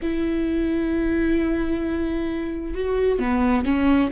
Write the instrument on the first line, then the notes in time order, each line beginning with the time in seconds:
viola
0.01 E4
2.74 F#4
3.19 B3
3.65 C#4